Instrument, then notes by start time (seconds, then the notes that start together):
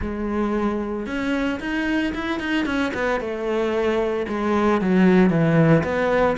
cello
0.01 G#3
1.06 C#4
1.60 D#4
2.14 E4
2.39 D#4
2.65 C#4
2.93 B3
3.20 A3
4.28 G#3
4.81 F#3
5.30 E3
5.83 B3